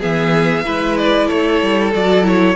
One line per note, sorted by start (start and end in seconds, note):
0.00 0.66 E3
0.00 0.65 B3
0.00 0.64 G#4
0.00 0.98 E5
0.65 1.30 G#3
0.65 1.93 E4
0.65 1.27 B4
0.98 1.28 D5
1.27 1.62 A3
1.27 2.55 A4
1.27 1.92 C#5
1.62 1.94 G3
1.93 2.56 F#3
1.93 2.24 F#4
1.93 2.26 D5
2.24 2.55 E4
2.24 2.56 C#5